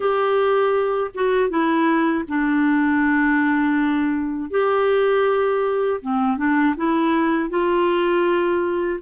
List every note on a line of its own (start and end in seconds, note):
0.00 1.10 G4
1.14 1.49 F#4
1.49 2.24 E4
2.27 4.50 D4
4.50 6.00 G4
6.01 6.37 C4
6.37 6.74 D4
6.77 7.49 E4
7.49 8.99 F4